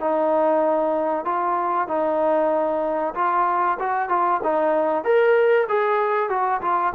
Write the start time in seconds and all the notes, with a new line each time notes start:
0.00 D#4
1.25 F4
1.87 D#4
3.15 F4
3.79 F#4
4.09 F4
4.43 D#4
5.04 A#4
5.68 G#4
6.29 F#4
6.61 F4